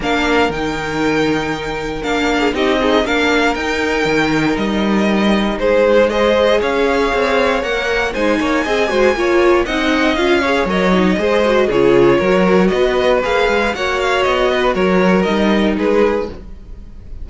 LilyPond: <<
  \new Staff \with { instrumentName = "violin" } { \time 4/4 \tempo 4 = 118 f''4 g''2. | f''4 dis''4 f''4 g''4~ | g''4 dis''2 c''4 | dis''4 f''2 fis''4 |
gis''2. fis''4 | f''4 dis''2 cis''4~ | cis''4 dis''4 f''4 fis''8 f''8 | dis''4 cis''4 dis''4 b'4 | }
  \new Staff \with { instrumentName = "violin" } { \time 4/4 ais'1~ | ais'8. gis'16 g'8 dis'8 ais'2~ | ais'2. gis'4 | c''4 cis''2. |
c''8 cis''8 dis''8 c''8 cis''4 dis''4~ | dis''8 cis''4. c''4 gis'4 | ais'4 b'2 cis''4~ | cis''8 b'8 ais'2 gis'4 | }
  \new Staff \with { instrumentName = "viola" } { \time 4/4 d'4 dis'2. | d'4 dis'8 gis'8 d'4 dis'4~ | dis'1 | gis'2. ais'4 |
dis'4 gis'8 fis'8 f'4 dis'4 | f'8 gis'8 ais'8 dis'8 gis'8 fis'8 f'4 | fis'2 gis'4 fis'4~ | fis'2 dis'2 | }
  \new Staff \with { instrumentName = "cello" } { \time 4/4 ais4 dis2. | ais4 c'4 ais4 dis'4 | dis4 g2 gis4~ | gis4 cis'4 c'4 ais4 |
gis8 ais8 c'8 gis8 ais4 c'4 | cis'4 fis4 gis4 cis4 | fis4 b4 ais8 gis8 ais4 | b4 fis4 g4 gis4 | }
>>